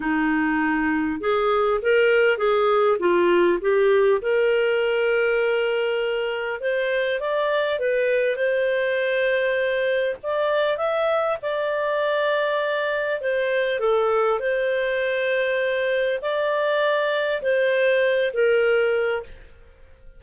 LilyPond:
\new Staff \with { instrumentName = "clarinet" } { \time 4/4 \tempo 4 = 100 dis'2 gis'4 ais'4 | gis'4 f'4 g'4 ais'4~ | ais'2. c''4 | d''4 b'4 c''2~ |
c''4 d''4 e''4 d''4~ | d''2 c''4 a'4 | c''2. d''4~ | d''4 c''4. ais'4. | }